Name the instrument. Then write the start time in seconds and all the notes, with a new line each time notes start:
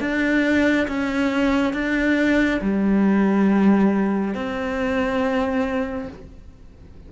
cello
0.00 D4
0.87 C#4
1.73 D4
2.61 G3
4.34 C4